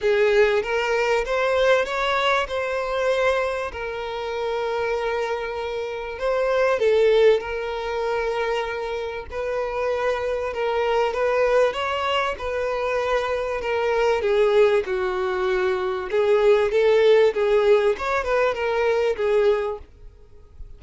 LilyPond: \new Staff \with { instrumentName = "violin" } { \time 4/4 \tempo 4 = 97 gis'4 ais'4 c''4 cis''4 | c''2 ais'2~ | ais'2 c''4 a'4 | ais'2. b'4~ |
b'4 ais'4 b'4 cis''4 | b'2 ais'4 gis'4 | fis'2 gis'4 a'4 | gis'4 cis''8 b'8 ais'4 gis'4 | }